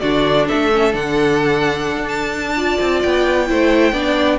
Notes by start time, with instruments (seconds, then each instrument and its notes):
0.00 cello D3, viola D4, violin F#4 D5
0.47 cello A3, violin A4 E5
0.72 viola C#4
0.92 cello D3, viola D4, violin F#5
1.97 cello D4
2.08 violin A5
2.55 viola F4, violin D5
2.80 cello C4
3.02 cello B3, violin G5
3.47 cello A3, viola E4, violin C5
3.92 cello B3, viola D4, violin D5